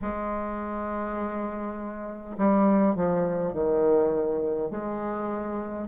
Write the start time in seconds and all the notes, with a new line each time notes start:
0.01 G#3
2.37 G3
2.95 F3
3.52 D#3
4.70 G#3